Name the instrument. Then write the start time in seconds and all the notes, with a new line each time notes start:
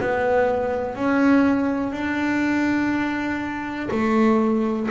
double bass
0.00 B3
0.95 C#4
1.92 D4
3.91 A3